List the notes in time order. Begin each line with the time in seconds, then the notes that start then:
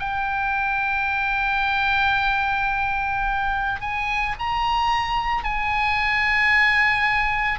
0.00 G5
3.81 G#5
4.39 A#5
5.44 G#5